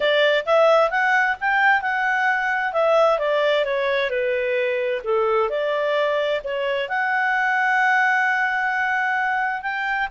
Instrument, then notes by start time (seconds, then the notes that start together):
clarinet
0.00 D5
0.45 E5
0.90 F#5
1.40 G5
1.81 F#5
2.73 E5
3.18 D5
3.65 C#5
4.10 B4
5.03 A4
5.49 D5
6.44 C#5
6.88 F#5
9.62 G5